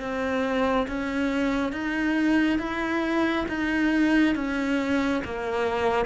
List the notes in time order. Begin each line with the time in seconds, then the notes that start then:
0.00 C4
0.88 C#4
1.72 D#4
2.59 E4
3.49 D#4
4.35 C#4
5.25 A#3